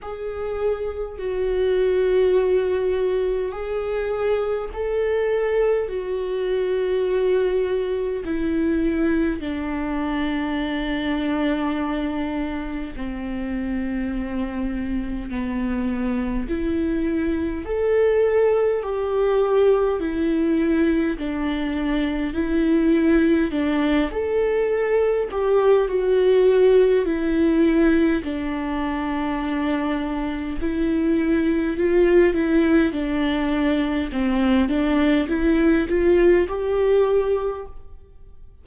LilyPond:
\new Staff \with { instrumentName = "viola" } { \time 4/4 \tempo 4 = 51 gis'4 fis'2 gis'4 | a'4 fis'2 e'4 | d'2. c'4~ | c'4 b4 e'4 a'4 |
g'4 e'4 d'4 e'4 | d'8 a'4 g'8 fis'4 e'4 | d'2 e'4 f'8 e'8 | d'4 c'8 d'8 e'8 f'8 g'4 | }